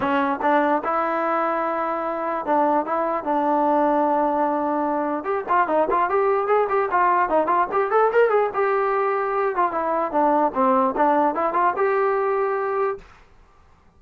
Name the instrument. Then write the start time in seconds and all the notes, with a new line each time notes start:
trombone
0.00 C#4
0.41 D4
0.83 E4
2.45 D4
2.85 E4
3.24 D4
5.24 G4
5.48 F4
5.67 D#4
5.90 F4
6.09 G4
6.47 G#4
6.69 G4
6.91 F4
7.29 D#4
7.46 F4
7.72 G4
7.91 A4
8.12 A#4
8.29 G#4
8.54 G4
9.55 F4
9.71 E4
10.11 D4
10.54 C4
10.96 D4
11.34 E4
11.53 F4
11.76 G4